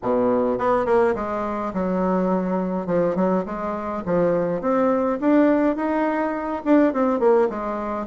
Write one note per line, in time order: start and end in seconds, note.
0.02 0.58 B2
0.58 0.85 B3
0.85 1.14 A#3
1.15 1.72 G#3
1.73 2.86 F#3
2.86 3.15 F3
3.15 3.44 F#3
3.45 4.03 G#3
4.05 4.61 F3
4.61 5.18 C4
5.20 5.76 D4
5.76 6.62 D#4
6.65 6.93 D4
6.93 7.19 C4
7.19 7.48 A#3
7.49 8.06 G#3